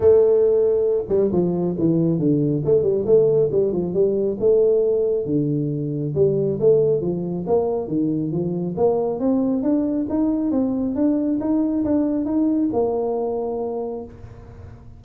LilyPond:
\new Staff \with { instrumentName = "tuba" } { \time 4/4 \tempo 4 = 137 a2~ a8 g8 f4 | e4 d4 a8 g8 a4 | g8 f8 g4 a2 | d2 g4 a4 |
f4 ais4 dis4 f4 | ais4 c'4 d'4 dis'4 | c'4 d'4 dis'4 d'4 | dis'4 ais2. | }